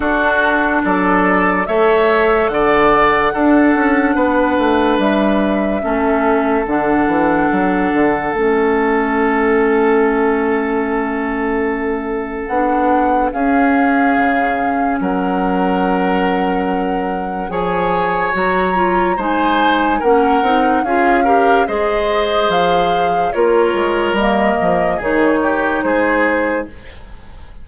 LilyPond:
<<
  \new Staff \with { instrumentName = "flute" } { \time 4/4 \tempo 4 = 72 a'4 d''4 e''4 fis''4~ | fis''2 e''2 | fis''2 e''2~ | e''2. fis''4 |
f''2 fis''2~ | fis''4 gis''4 ais''4 gis''4 | fis''4 f''4 dis''4 f''4 | cis''4 dis''4 cis''4 c''4 | }
  \new Staff \with { instrumentName = "oboe" } { \time 4/4 fis'4 a'4 cis''4 d''4 | a'4 b'2 a'4~ | a'1~ | a'1 |
gis'2 ais'2~ | ais'4 cis''2 c''4 | ais'4 gis'8 ais'8 c''2 | ais'2 gis'8 g'8 gis'4 | }
  \new Staff \with { instrumentName = "clarinet" } { \time 4/4 d'2 a'2 | d'2. cis'4 | d'2 cis'2~ | cis'2. d'4 |
cis'1~ | cis'4 gis'4 fis'8 f'8 dis'4 | cis'8 dis'8 f'8 g'8 gis'2 | f'4 ais4 dis'2 | }
  \new Staff \with { instrumentName = "bassoon" } { \time 4/4 d'4 fis4 a4 d4 | d'8 cis'8 b8 a8 g4 a4 | d8 e8 fis8 d8 a2~ | a2. b4 |
cis'4 cis4 fis2~ | fis4 f4 fis4 gis4 | ais8 c'8 cis'4 gis4 f4 | ais8 gis8 g8 f8 dis4 gis4 | }
>>